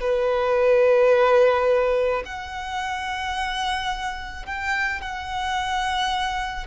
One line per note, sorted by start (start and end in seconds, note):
0.00 2.22 B4
2.25 4.45 F#5
4.45 5.01 G5
5.01 6.66 F#5